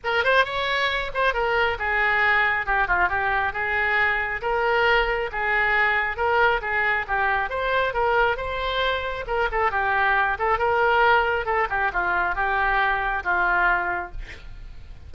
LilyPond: \new Staff \with { instrumentName = "oboe" } { \time 4/4 \tempo 4 = 136 ais'8 c''8 cis''4. c''8 ais'4 | gis'2 g'8 f'8 g'4 | gis'2 ais'2 | gis'2 ais'4 gis'4 |
g'4 c''4 ais'4 c''4~ | c''4 ais'8 a'8 g'4. a'8 | ais'2 a'8 g'8 f'4 | g'2 f'2 | }